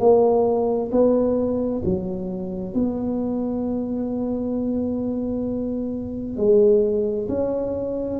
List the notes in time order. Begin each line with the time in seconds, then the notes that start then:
0.00 A#3
0.92 B3
1.85 F#3
2.74 B3
6.37 G#3
7.29 C#4